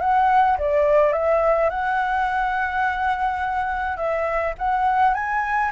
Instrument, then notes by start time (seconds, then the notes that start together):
flute
0.00 F#5
0.58 D5
1.12 E5
1.70 F#5
3.97 E5
4.58 F#5
5.14 G#5